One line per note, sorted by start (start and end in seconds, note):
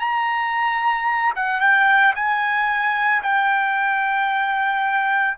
0.00 1.34 A#5
1.36 1.61 F#5
1.61 2.14 G5
2.16 3.23 G#5
3.23 5.38 G5